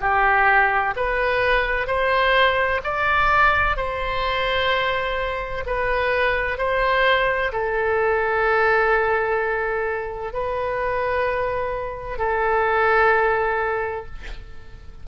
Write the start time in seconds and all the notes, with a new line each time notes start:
0.00 G4
0.96 B4
1.87 C5
2.83 D5
3.76 C5
5.66 B4
6.58 C5
7.52 A4
10.33 B4
12.18 A4